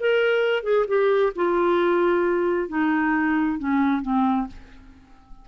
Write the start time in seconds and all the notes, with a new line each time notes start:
0.00 A#4
0.63 G#4
0.88 G4
1.36 F4
2.69 D#4
3.59 C#4
4.02 C4